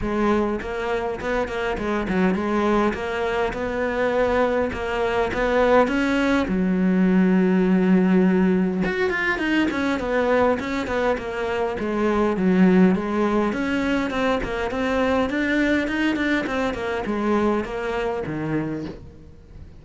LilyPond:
\new Staff \with { instrumentName = "cello" } { \time 4/4 \tempo 4 = 102 gis4 ais4 b8 ais8 gis8 fis8 | gis4 ais4 b2 | ais4 b4 cis'4 fis4~ | fis2. fis'8 f'8 |
dis'8 cis'8 b4 cis'8 b8 ais4 | gis4 fis4 gis4 cis'4 | c'8 ais8 c'4 d'4 dis'8 d'8 | c'8 ais8 gis4 ais4 dis4 | }